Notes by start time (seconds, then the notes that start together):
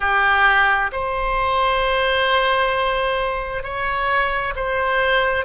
0.00 G4
0.92 C5
3.63 C#5
4.55 C5